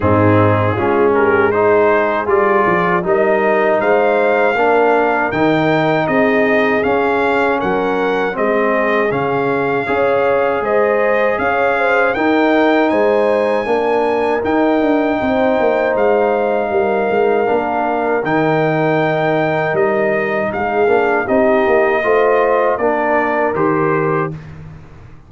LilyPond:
<<
  \new Staff \with { instrumentName = "trumpet" } { \time 4/4 \tempo 4 = 79 gis'4. ais'8 c''4 d''4 | dis''4 f''2 g''4 | dis''4 f''4 fis''4 dis''4 | f''2 dis''4 f''4 |
g''4 gis''2 g''4~ | g''4 f''2. | g''2 dis''4 f''4 | dis''2 d''4 c''4 | }
  \new Staff \with { instrumentName = "horn" } { \time 4/4 dis'4 f'8 g'8 gis'2 | ais'4 c''4 ais'2 | gis'2 ais'4 gis'4~ | gis'4 cis''4 c''4 cis''8 c''8 |
ais'4 c''4 ais'2 | c''2 ais'2~ | ais'2. gis'4 | g'4 c''4 ais'2 | }
  \new Staff \with { instrumentName = "trombone" } { \time 4/4 c'4 cis'4 dis'4 f'4 | dis'2 d'4 dis'4~ | dis'4 cis'2 c'4 | cis'4 gis'2. |
dis'2 d'4 dis'4~ | dis'2. d'4 | dis'2.~ dis'8 d'8 | dis'4 f'4 d'4 g'4 | }
  \new Staff \with { instrumentName = "tuba" } { \time 4/4 gis,4 gis2 g8 f8 | g4 gis4 ais4 dis4 | c'4 cis'4 fis4 gis4 | cis4 cis'4 gis4 cis'4 |
dis'4 gis4 ais4 dis'8 d'8 | c'8 ais8 gis4 g8 gis8 ais4 | dis2 g4 gis8 ais8 | c'8 ais8 a4 ais4 dis4 | }
>>